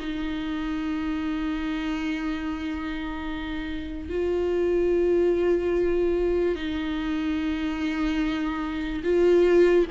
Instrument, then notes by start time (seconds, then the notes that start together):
viola
0.00 D#4
4.09 F4
6.56 D#4
9.04 F4